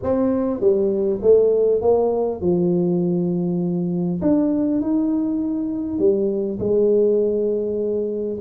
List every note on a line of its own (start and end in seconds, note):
0.02 0.60 C4
0.60 1.20 G3
1.22 1.81 A3
1.81 2.40 A#3
2.40 4.20 F3
4.21 4.81 D4
4.81 5.98 D#4
5.98 6.58 G3
6.59 8.39 G#3